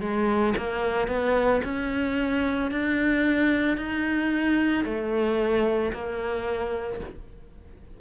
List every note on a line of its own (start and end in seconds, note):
0.00 0.54 G#3
0.57 1.08 A#3
1.08 1.61 B3
1.64 2.71 C#4
2.71 3.77 D4
3.77 4.84 D#4
4.85 5.92 A3
5.93 7.00 A#3